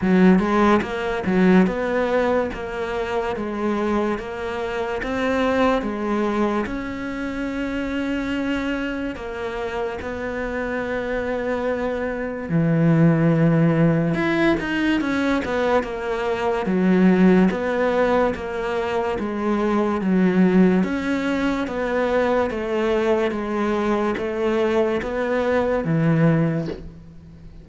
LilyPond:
\new Staff \with { instrumentName = "cello" } { \time 4/4 \tempo 4 = 72 fis8 gis8 ais8 fis8 b4 ais4 | gis4 ais4 c'4 gis4 | cis'2. ais4 | b2. e4~ |
e4 e'8 dis'8 cis'8 b8 ais4 | fis4 b4 ais4 gis4 | fis4 cis'4 b4 a4 | gis4 a4 b4 e4 | }